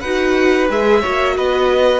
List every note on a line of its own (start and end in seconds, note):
0.00 0.69 D#4
0.00 0.68 F#4
0.00 1.01 B4
0.00 0.67 F#5
0.68 1.03 G#3
0.68 1.02 G#4
0.68 1.37 E5
1.01 1.99 F#4
1.01 1.34 C#5
1.07 1.37 A#3
1.37 1.99 B3
1.37 1.99 B4
1.37 1.99 D#5